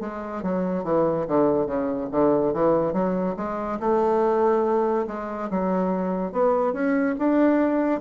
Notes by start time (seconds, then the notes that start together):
0.00 G#3
0.43 F#3
0.84 E3
1.27 D3
1.66 C#3
2.11 D3
2.53 E3
2.93 F#3
3.36 G#3
3.80 A3
5.07 G#3
5.50 F#3
6.32 B3
6.73 C#4
7.18 D4